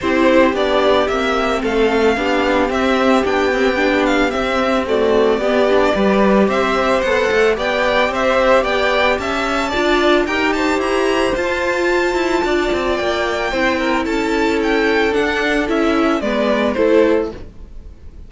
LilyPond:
<<
  \new Staff \with { instrumentName = "violin" } { \time 4/4 \tempo 4 = 111 c''4 d''4 e''4 f''4~ | f''4 e''4 g''4. f''8 | e''4 d''2. | e''4 fis''4 g''4 e''4 |
g''4 a''2 g''8 a''8 | ais''4 a''2. | g''2 a''4 g''4 | fis''4 e''4 d''4 c''4 | }
  \new Staff \with { instrumentName = "violin" } { \time 4/4 g'2. a'4 | g'1~ | g'4 fis'4 g'4 b'4 | c''2 d''4 c''4 |
d''4 e''4 d''4 ais'8 c''8~ | c''2. d''4~ | d''4 c''8 ais'8 a'2~ | a'2 b'4 a'4 | }
  \new Staff \with { instrumentName = "viola" } { \time 4/4 e'4 d'4 c'2 | d'4 c'4 d'8 c'8 d'4 | c'4 a4 b8 d'8 g'4~ | g'4 a'4 g'2~ |
g'2 f'4 g'4~ | g'4 f'2.~ | f'4 e'2. | d'4 e'4 b4 e'4 | }
  \new Staff \with { instrumentName = "cello" } { \time 4/4 c'4 b4 ais4 a4 | b4 c'4 b2 | c'2 b4 g4 | c'4 b8 a8 b4 c'4 |
b4 cis'4 d'4 dis'4 | e'4 f'4. e'8 d'8 c'8 | ais4 c'4 cis'2 | d'4 cis'4 gis4 a4 | }
>>